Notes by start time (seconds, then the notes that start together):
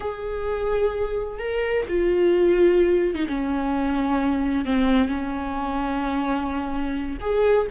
0.00 G#4
1.38 A#4
1.88 F4
3.15 D#4
3.28 C#4
4.65 C4
5.08 C#4
7.20 G#4